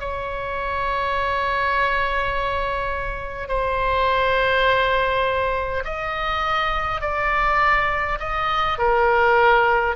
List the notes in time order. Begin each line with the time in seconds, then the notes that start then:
0.00 C#5
3.48 C5
5.85 D#5
7.01 D5
8.19 D#5
8.79 A#4